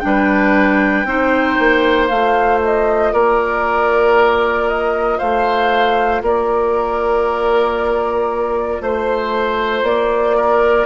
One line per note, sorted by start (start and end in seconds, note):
0.00 1.05 G3
0.00 1.05 D4
0.00 2.07 G5
0.06 1.08 B4
1.05 1.56 C4
1.05 2.09 D#4
1.05 3.13 C5
1.59 2.10 A#3
2.08 3.13 A3
2.08 10.86 F4
2.08 2.59 F5
2.64 3.13 D#5
3.13 5.20 A#3
3.13 5.18 A#4
3.13 4.69 D5
4.69 5.19 D#5
5.18 6.22 A3
5.18 6.22 C5
5.18 6.22 F5
6.22 8.81 A#3
6.22 8.83 A#4
6.22 8.83 D5
8.81 9.83 A3
8.81 10.37 C5
8.81 9.86 C5
9.83 10.86 A#3
9.83 10.86 D5
10.37 10.86 A#4